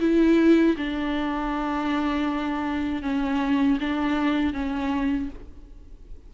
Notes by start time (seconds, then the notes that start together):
0.00 E4
0.77 D4
3.03 C#4
3.80 D4
4.53 C#4